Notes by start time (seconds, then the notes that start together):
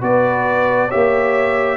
0.00 B3 F#4 B4 D5
0.88 G4 C#5 E5
0.94 A#3